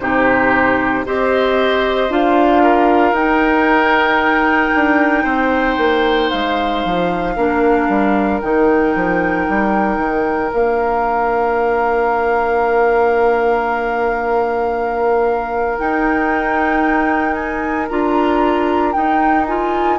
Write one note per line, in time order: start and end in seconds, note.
0.00 1.06 C3
0.00 1.05 D#4
0.00 1.06 G4
0.00 1.05 C5
1.06 2.10 C4
1.06 2.10 G4
1.06 2.63 C5
1.06 2.12 D#5
2.10 3.12 D4
2.10 3.15 F4
2.10 3.15 F5
2.63 5.23 A#4
3.12 4.70 D#4
3.12 7.37 D#4
3.12 6.30 G5
4.75 5.25 D4
5.23 5.77 C4
5.23 7.34 C5
5.78 6.30 A#3
6.30 6.85 G#3
6.30 8.41 F5
6.85 7.37 F3
7.36 7.89 A#3
7.36 8.42 D4
7.36 19.99 A#4
7.89 8.41 G3
8.41 8.96 D#3
8.41 10.53 D#4
8.41 10.52 G5
8.96 9.48 F3
9.49 9.98 G3
9.98 10.51 D#3
10.53 15.79 A#3
10.53 15.79 D4
10.53 15.79 F5
15.79 17.89 D#4
15.79 17.90 D#4
15.79 17.34 G5
17.34 17.87 G#5
17.89 18.96 D4
17.89 18.94 F4
17.89 18.93 A#5
18.93 19.47 D#4
18.93 19.99 D#4
18.93 19.45 G5
19.46 19.99 F4
19.46 19.99 G#5